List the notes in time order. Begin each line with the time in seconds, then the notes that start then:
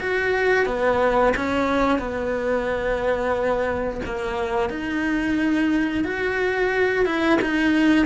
0.00 F#4
0.66 B3
1.36 C#4
1.99 B3
4.05 A#3
4.69 D#4
6.04 F#4
7.05 E4
7.42 D#4